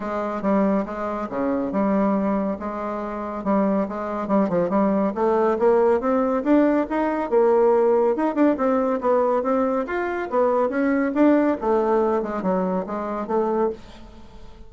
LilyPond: \new Staff \with { instrumentName = "bassoon" } { \time 4/4 \tempo 4 = 140 gis4 g4 gis4 cis4 | g2 gis2 | g4 gis4 g8 f8 g4 | a4 ais4 c'4 d'4 |
dis'4 ais2 dis'8 d'8 | c'4 b4 c'4 f'4 | b4 cis'4 d'4 a4~ | a8 gis8 fis4 gis4 a4 | }